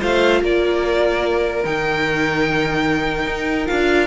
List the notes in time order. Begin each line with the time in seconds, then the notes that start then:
0.00 A3 F4 C5 F5
0.41 A#3 A#4 D5
1.63 D#3 D#4 G5
3.26 D#4
3.66 D4 F4 F5